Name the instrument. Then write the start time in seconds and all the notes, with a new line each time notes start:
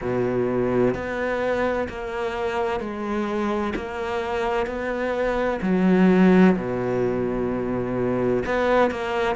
cello
0.01 B2
0.94 B3
1.88 A#3
2.80 G#3
3.75 A#3
4.66 B3
5.62 F#3
6.56 B2
8.45 B3
8.90 A#3